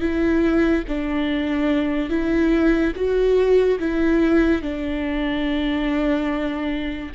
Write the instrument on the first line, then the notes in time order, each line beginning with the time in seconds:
viola
0.00 E4
0.87 D4
2.09 E4
2.95 F#4
3.79 E4
4.62 D4